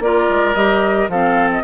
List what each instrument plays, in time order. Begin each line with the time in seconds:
0.00 bassoon A#3, clarinet F4, oboe A#4, flute D5
0.29 bassoon G#3
0.55 bassoon G3, clarinet G4, flute D#5
1.08 bassoon F3, clarinet C4, oboe A4, flute F5
1.52 flute D#5